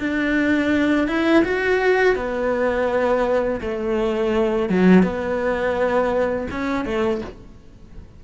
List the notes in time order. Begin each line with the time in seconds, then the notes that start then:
0.00 D4
1.08 E4
1.45 F#4
2.16 B3
3.61 A3
4.70 F#3
5.03 B3
6.51 C#4
6.85 A3